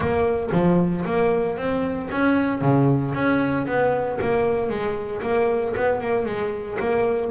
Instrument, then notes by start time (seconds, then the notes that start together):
double bass
0.00 A#3
0.52 F3
1.05 A#3
1.57 C4
2.11 C#4
2.61 C#3
3.14 C#4
3.66 B3
4.21 A#3
4.69 G#3
5.22 A#3
5.76 B3
6.00 A#3
6.25 G#3
6.79 A#3